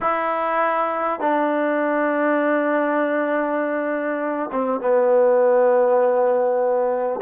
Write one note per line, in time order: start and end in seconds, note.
0.00 1.19 E4
1.19 4.49 D4
4.52 4.80 C4
4.80 7.20 B3